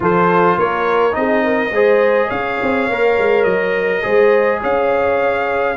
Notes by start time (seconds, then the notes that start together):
0.00 F3 F4 A4 C5
0.58 A#3 A#4 C#5
1.11 C4 D#4 G#4 D#5
1.44 A#4
1.71 G#3 G#4 C5
2.27 C#4 C#5 F5
2.62 C4
2.88 A#3 A#4
3.18 G#3
3.43 F#3 D#5
4.02 G#3 G#4 C5
4.60 C#4 C#5 F5